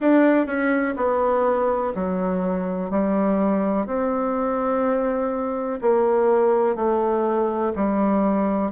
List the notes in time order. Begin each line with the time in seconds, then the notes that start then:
0.00 D4
0.46 C#4
0.96 B3
1.94 F#3
2.90 G3
3.86 C4
5.81 A#3
6.75 A3
7.75 G3